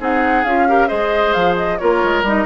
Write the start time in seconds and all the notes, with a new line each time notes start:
0.00 C4 D#4 G#4 F#5
0.44 C#4 F4 F5
0.68 G4 A#4
0.88 G#3 G#4 C5 D#5
1.33 F3 F5
1.57 D#5
1.78 A#3 F4 A#4 C#5
2.03 G#3
2.23 G3 D#4 D#5